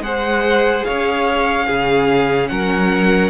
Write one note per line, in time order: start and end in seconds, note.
0.00 0.82 G#3
0.00 1.67 G#4
0.00 0.86 C5
0.00 0.84 F#5
0.84 1.70 C#4
0.84 1.66 C#5
0.84 2.48 F5
1.66 2.50 C#3
1.66 3.30 C#4
1.66 2.49 G#4
2.48 3.30 F#3
2.48 3.30 A#4
2.48 3.30 F#5